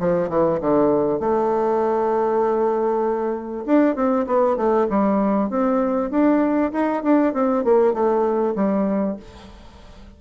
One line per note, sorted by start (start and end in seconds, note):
0.00 0.29 F3
0.29 0.60 E3
0.61 1.20 D3
1.20 3.65 A3
3.66 3.96 D4
3.96 4.26 C4
4.27 4.57 B3
4.57 4.88 A3
4.90 5.50 G3
5.50 6.11 C4
6.11 6.72 D4
6.73 7.03 D#4
7.04 7.34 D4
7.34 7.64 C4
7.64 7.94 A#3
7.94 8.55 A3
8.56 9.17 G3